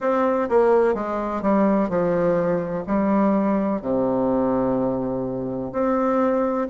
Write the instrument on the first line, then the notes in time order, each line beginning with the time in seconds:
bassoon
0.00 C4
0.48 A#3
0.94 G#3
1.42 G3
1.89 F3
2.87 G3
3.81 C3
5.72 C4